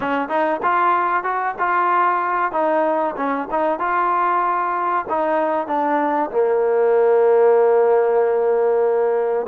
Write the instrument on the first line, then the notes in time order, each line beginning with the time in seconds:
trombone
0.00 C#4
0.28 D#4
0.62 F4
1.23 F#4
1.58 F4
2.51 D#4
3.16 C#4
3.51 D#4
3.79 F4
5.09 D#4
5.67 D4
6.30 A#3